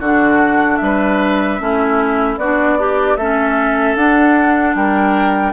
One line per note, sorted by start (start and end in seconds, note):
0.00 0.79 D3
0.00 1.60 D4
0.00 0.79 F#4
0.00 0.77 F#5
0.77 1.60 G3
0.77 2.35 E5
0.84 1.62 B4
1.60 2.37 A3
1.60 2.38 C#4
1.60 2.39 E4
2.37 3.16 B3
2.37 2.80 D4
2.37 2.78 F#4
2.37 3.17 D5
2.78 3.18 D4
2.78 3.19 G4
3.17 3.96 A3
3.17 3.98 C#4
3.17 4.76 A4
3.17 3.96 E5
3.96 4.75 D4
3.96 5.53 D4
3.96 4.76 F#5
4.75 5.53 G3
4.75 5.53 A#4
4.75 5.53 G5